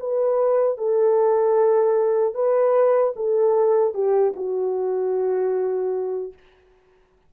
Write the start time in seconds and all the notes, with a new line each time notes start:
0.00 B4
0.78 A4
2.35 B4
3.17 A4
3.94 G4
4.36 F#4